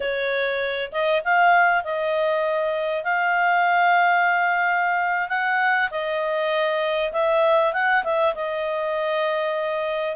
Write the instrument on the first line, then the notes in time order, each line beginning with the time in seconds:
clarinet
0.00 C#5
0.91 D#5
1.24 F5
1.83 D#5
3.04 F5
5.29 F#5
5.90 D#5
7.12 E5
7.73 F#5
8.04 E5
8.34 D#5